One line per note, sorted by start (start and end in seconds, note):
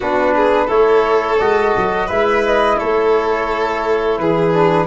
0.00 0.69 B3
0.00 0.68 D4
0.00 0.34 F#4
0.00 0.69 B4
0.35 0.66 G#4
0.66 1.39 A3
0.66 1.38 E4
0.66 2.06 A4
0.66 1.39 C#5
1.39 1.75 G#3
1.39 2.09 F#4
1.39 2.08 D#5
1.77 2.10 F#3
2.06 2.80 G#3
2.06 4.52 E4
2.06 2.76 B4
2.06 2.43 E5
2.45 2.78 D#5
2.78 4.18 A3
2.78 4.18 A4
2.78 4.17 C#5
4.17 4.86 E3
4.17 4.86 G#4
4.17 4.86 B4
4.52 4.86 D4